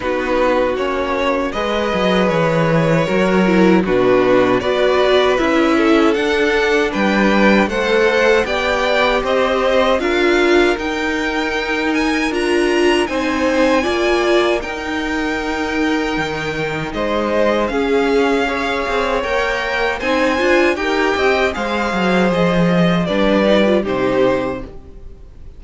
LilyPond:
<<
  \new Staff \with { instrumentName = "violin" } { \time 4/4 \tempo 4 = 78 b'4 cis''4 dis''4 cis''4~ | cis''4 b'4 d''4 e''4 | fis''4 g''4 fis''4 g''4 | dis''4 f''4 g''4. gis''8 |
ais''4 gis''2 g''4~ | g''2 dis''4 f''4~ | f''4 g''4 gis''4 g''4 | f''4 dis''4 d''4 c''4 | }
  \new Staff \with { instrumentName = "violin" } { \time 4/4 fis'2 b'2 | ais'4 fis'4 b'4. a'8~ | a'4 b'4 c''4 d''4 | c''4 ais'2.~ |
ais'4 c''4 d''4 ais'4~ | ais'2 c''4 gis'4 | cis''2 c''4 ais'8 dis''8 | c''2 b'4 g'4 | }
  \new Staff \with { instrumentName = "viola" } { \time 4/4 dis'4 cis'4 gis'2 | fis'8 e'8 d'4 fis'4 e'4 | d'2 a'4 g'4~ | g'4 f'4 dis'2 |
f'4 dis'4 f'4 dis'4~ | dis'2. cis'4 | gis'4 ais'4 dis'8 f'8 g'4 | gis'2 d'8 dis'16 f'16 dis'4 | }
  \new Staff \with { instrumentName = "cello" } { \time 4/4 b4 ais4 gis8 fis8 e4 | fis4 b,4 b4 cis'4 | d'4 g4 a4 b4 | c'4 d'4 dis'2 |
d'4 c'4 ais4 dis'4~ | dis'4 dis4 gis4 cis'4~ | cis'8 c'8 ais4 c'8 d'8 dis'8 c'8 | gis8 fis8 f4 g4 c4 | }
>>